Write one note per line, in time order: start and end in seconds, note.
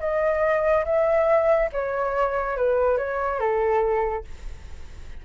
0.00 0.85 D#5
0.85 1.69 E5
1.72 2.57 C#5
2.57 2.97 B4
2.97 3.40 C#5
3.40 4.24 A4